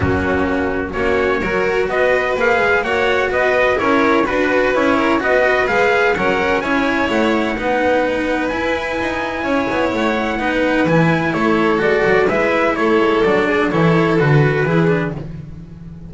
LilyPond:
<<
  \new Staff \with { instrumentName = "trumpet" } { \time 4/4 \tempo 4 = 127 fis'2 cis''2 | dis''4 f''4 fis''4 dis''4 | cis''4 b'4 cis''4 dis''4 | f''4 fis''4 gis''4 fis''4~ |
fis''2 gis''2~ | gis''4 fis''2 gis''4 | cis''4 d''4 e''4 cis''4 | d''4 cis''4 b'2 | }
  \new Staff \with { instrumentName = "violin" } { \time 4/4 cis'2 fis'4 ais'4 | b'2 cis''4 b'4 | ais'4 b'4. ais'8 b'4~ | b'4 ais'4 cis''2 |
b'1 | cis''2 b'2 | a'2 b'4 a'4~ | a'8 gis'8 a'2 gis'4 | }
  \new Staff \with { instrumentName = "cello" } { \time 4/4 ais2 cis'4 fis'4~ | fis'4 gis'4 fis'2 | e'4 fis'4 e'4 fis'4 | gis'4 cis'4 e'2 |
dis'2 e'2~ | e'2 dis'4 e'4~ | e'4 fis'4 e'2 | d'4 e'4 fis'4 e'8 d'8 | }
  \new Staff \with { instrumentName = "double bass" } { \time 4/4 fis2 ais4 fis4 | b4 ais8 gis8 ais4 b4 | cis'4 d'4 cis'4 b4 | gis4 fis4 cis'4 a4 |
b2 e'4 dis'4 | cis'8 b8 a4 b4 e4 | a4 gis8 fis8 gis4 a8 gis8 | fis4 e4 d4 e4 | }
>>